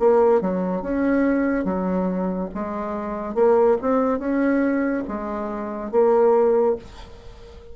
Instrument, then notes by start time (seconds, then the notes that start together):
bassoon
0.00 A#3
0.41 F#3
0.82 C#4
1.65 F#3
2.55 G#3
3.35 A#3
3.82 C4
4.19 C#4
5.08 G#3
5.92 A#3